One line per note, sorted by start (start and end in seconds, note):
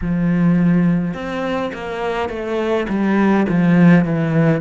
0.01 1.14 F3
1.14 1.72 C4
1.73 2.29 A#3
2.29 2.86 A3
2.88 3.46 G3
3.48 4.04 F3
4.04 4.60 E3